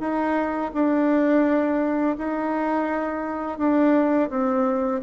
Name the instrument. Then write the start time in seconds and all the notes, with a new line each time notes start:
bassoon
0.00 D#4
0.74 D4
2.18 D#4
3.58 D4
4.30 C4